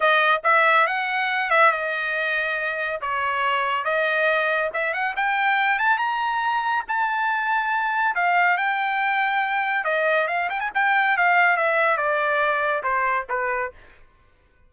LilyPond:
\new Staff \with { instrumentName = "trumpet" } { \time 4/4 \tempo 4 = 140 dis''4 e''4 fis''4. e''8 | dis''2. cis''4~ | cis''4 dis''2 e''8 fis''8 | g''4. a''8 ais''2 |
a''2. f''4 | g''2. dis''4 | f''8 g''16 gis''16 g''4 f''4 e''4 | d''2 c''4 b'4 | }